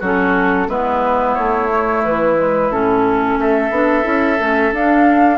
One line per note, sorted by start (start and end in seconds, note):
0.00 0.68 F#3
0.00 0.69 C#4
0.00 0.67 F#4
0.00 0.69 A4
0.68 1.35 G#3
0.68 1.69 B3
0.68 3.39 E4
0.68 1.35 B4
1.35 2.05 A3
1.35 2.02 C#5
1.69 2.37 A3
2.04 2.70 E3
2.04 2.72 B4
2.37 2.70 G#3
2.70 3.38 A2
2.70 3.73 C#4
2.70 3.39 A4
3.38 3.71 A3
3.38 5.38 A4
3.38 4.75 E5
3.71 4.04 B3
3.71 4.03 D4
4.03 4.39 C#4
4.03 4.37 E4
4.39 4.73 A3
4.39 4.73 C#4
4.73 5.38 D4
4.73 5.38 F5